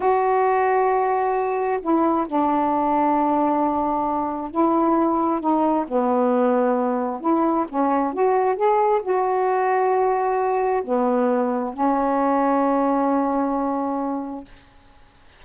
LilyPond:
\new Staff \with { instrumentName = "saxophone" } { \time 4/4 \tempo 4 = 133 fis'1 | e'4 d'2.~ | d'2 e'2 | dis'4 b2. |
e'4 cis'4 fis'4 gis'4 | fis'1 | b2 cis'2~ | cis'1 | }